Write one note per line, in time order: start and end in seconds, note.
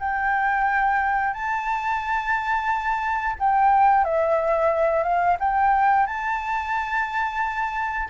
0.00 1.34 G5
1.34 3.36 A5
3.40 4.05 G5
4.05 5.03 E5
5.03 5.37 F5
5.40 6.06 G5
6.06 8.09 A5